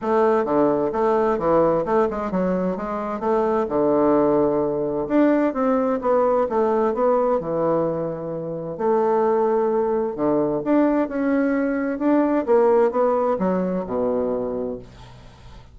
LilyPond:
\new Staff \with { instrumentName = "bassoon" } { \time 4/4 \tempo 4 = 130 a4 d4 a4 e4 | a8 gis8 fis4 gis4 a4 | d2. d'4 | c'4 b4 a4 b4 |
e2. a4~ | a2 d4 d'4 | cis'2 d'4 ais4 | b4 fis4 b,2 | }